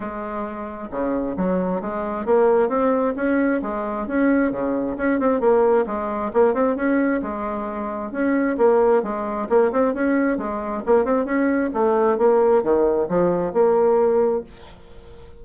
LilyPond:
\new Staff \with { instrumentName = "bassoon" } { \time 4/4 \tempo 4 = 133 gis2 cis4 fis4 | gis4 ais4 c'4 cis'4 | gis4 cis'4 cis4 cis'8 c'8 | ais4 gis4 ais8 c'8 cis'4 |
gis2 cis'4 ais4 | gis4 ais8 c'8 cis'4 gis4 | ais8 c'8 cis'4 a4 ais4 | dis4 f4 ais2 | }